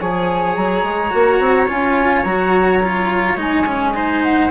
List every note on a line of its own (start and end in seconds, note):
0.00 0.56 F3
0.00 1.10 G#4
0.00 3.95 C#5
0.00 0.55 G#5
0.55 0.83 F#3
0.55 1.68 A#5
0.83 1.11 G#3
1.10 1.39 A#3
1.10 1.66 F#4
1.39 1.68 C4
1.68 2.25 C#4
1.68 2.25 F4
1.68 2.23 G#5
2.23 3.36 F#3
2.23 2.83 F#4
2.23 3.36 A#5
2.83 3.37 F4
3.36 4.49 G#3
3.36 3.65 D#4
3.36 4.23 G#5
3.66 3.94 C#4
3.94 4.51 D#4
3.94 4.51 C5
4.23 4.51 F#5